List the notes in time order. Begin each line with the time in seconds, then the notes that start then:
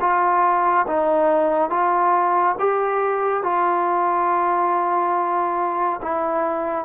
0.00 F4
0.87 D#4
1.70 F4
2.59 G4
3.43 F4
6.02 E4